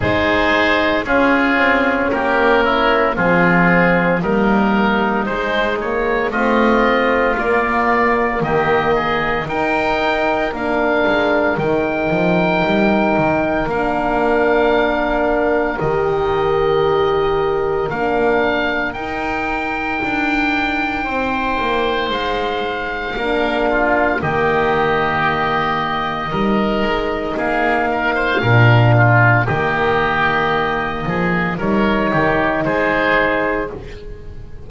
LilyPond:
<<
  \new Staff \with { instrumentName = "oboe" } { \time 4/4 \tempo 4 = 57 c''4 gis'4 ais'4 gis'4 | ais'4 c''8 cis''8 dis''4 d''4 | dis''4 g''4 f''4 g''4~ | g''4 f''2 dis''4~ |
dis''4 f''4 g''2~ | g''4 f''2 dis''4~ | dis''2 f''2 | dis''2 cis''4 c''4 | }
  \new Staff \with { instrumentName = "oboe" } { \time 4/4 gis'4 f'4 g'8 e'8 f'4 | dis'2 f'2 | g'8 gis'8 ais'2.~ | ais'1~ |
ais'1 | c''2 ais'8 f'8 g'4~ | g'4 ais'4 gis'8 ais'16 c''16 ais'8 f'8 | g'4. gis'8 ais'8 g'8 gis'4 | }
  \new Staff \with { instrumentName = "horn" } { \time 4/4 dis'4 cis'2 c'4 | ais4 gis8 ais8 c'4 ais4~ | ais4 dis'4 d'4 dis'4~ | dis'4 d'2 g'4~ |
g'4 d'4 dis'2~ | dis'2 d'4 ais4~ | ais4 dis'2 d'4 | ais2 dis'2 | }
  \new Staff \with { instrumentName = "double bass" } { \time 4/4 gis4 cis'8 c'8 ais4 f4 | g4 gis4 a4 ais4 | dis4 dis'4 ais8 gis8 dis8 f8 | g8 dis8 ais2 dis4~ |
dis4 ais4 dis'4 d'4 | c'8 ais8 gis4 ais4 dis4~ | dis4 g8 gis8 ais4 ais,4 | dis4. f8 g8 dis8 gis4 | }
>>